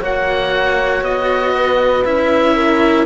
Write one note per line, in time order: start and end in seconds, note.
0.00 1.02 A#3
0.00 2.04 F#4
0.00 1.53 C#5
0.00 1.04 F#5
1.02 2.04 B3
1.02 2.05 D#5
1.56 2.56 B4
2.05 3.06 C#4
2.05 3.06 E4
2.05 3.06 E5
2.56 3.06 A#4